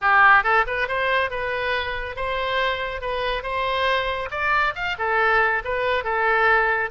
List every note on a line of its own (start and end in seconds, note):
0.01 0.43 G4
0.43 0.65 A4
0.67 0.88 B4
0.88 1.30 C5
1.30 2.16 B4
2.16 3.01 C5
3.01 3.43 B4
3.43 4.29 C5
4.30 4.74 D5
4.75 4.96 F5
4.98 5.63 A4
5.64 6.03 B4
6.03 6.90 A4